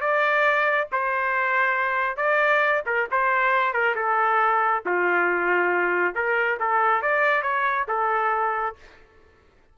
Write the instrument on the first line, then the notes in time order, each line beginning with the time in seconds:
trumpet
0.00 D5
0.92 C5
2.17 D5
2.86 A#4
3.11 C5
3.73 A#4
3.95 A4
4.86 F4
6.15 A#4
6.59 A4
7.02 D5
7.42 C#5
7.88 A4